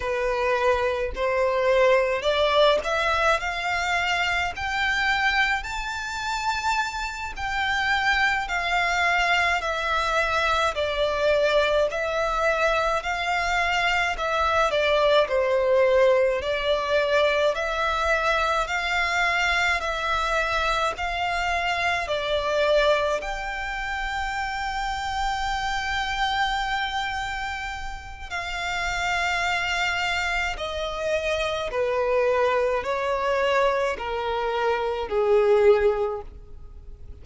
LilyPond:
\new Staff \with { instrumentName = "violin" } { \time 4/4 \tempo 4 = 53 b'4 c''4 d''8 e''8 f''4 | g''4 a''4. g''4 f''8~ | f''8 e''4 d''4 e''4 f''8~ | f''8 e''8 d''8 c''4 d''4 e''8~ |
e''8 f''4 e''4 f''4 d''8~ | d''8 g''2.~ g''8~ | g''4 f''2 dis''4 | b'4 cis''4 ais'4 gis'4 | }